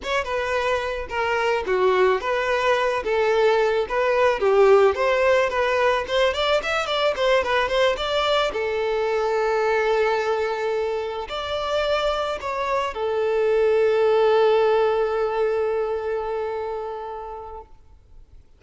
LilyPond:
\new Staff \with { instrumentName = "violin" } { \time 4/4 \tempo 4 = 109 cis''8 b'4. ais'4 fis'4 | b'4. a'4. b'4 | g'4 c''4 b'4 c''8 d''8 | e''8 d''8 c''8 b'8 c''8 d''4 a'8~ |
a'1~ | a'8 d''2 cis''4 a'8~ | a'1~ | a'1 | }